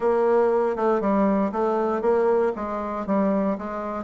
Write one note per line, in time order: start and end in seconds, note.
0.00 0.76 A#3
0.76 1.01 A3
1.01 1.51 G3
1.52 2.01 A3
2.01 2.52 A#3
2.55 3.06 G#3
3.06 3.57 G3
3.58 4.04 G#3